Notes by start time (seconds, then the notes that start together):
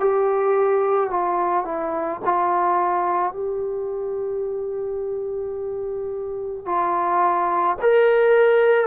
0.00 G4
1.10 F4
1.64 E4
2.24 F4
3.32 G4
6.65 F4
7.81 A#4